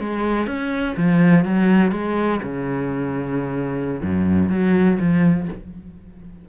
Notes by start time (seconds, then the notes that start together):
0.00 G#3
0.47 C#4
0.98 F3
1.45 F#3
1.92 G#3
2.43 C#3
4.02 F#2
4.50 F#3
5.00 F3